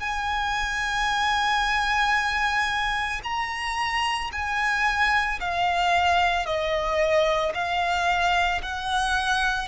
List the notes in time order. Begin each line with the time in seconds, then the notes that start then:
0.00 G#5
3.24 A#5
4.32 G#5
5.41 F5
6.46 D#5
7.54 F5
8.63 F#5